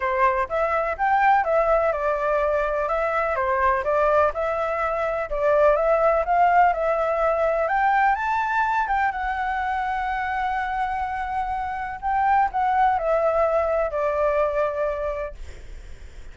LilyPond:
\new Staff \with { instrumentName = "flute" } { \time 4/4 \tempo 4 = 125 c''4 e''4 g''4 e''4 | d''2 e''4 c''4 | d''4 e''2 d''4 | e''4 f''4 e''2 |
g''4 a''4. g''8 fis''4~ | fis''1~ | fis''4 g''4 fis''4 e''4~ | e''4 d''2. | }